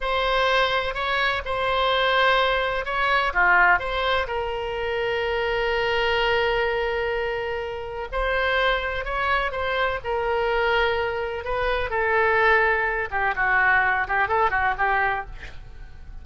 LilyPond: \new Staff \with { instrumentName = "oboe" } { \time 4/4 \tempo 4 = 126 c''2 cis''4 c''4~ | c''2 cis''4 f'4 | c''4 ais'2.~ | ais'1~ |
ais'4 c''2 cis''4 | c''4 ais'2. | b'4 a'2~ a'8 g'8 | fis'4. g'8 a'8 fis'8 g'4 | }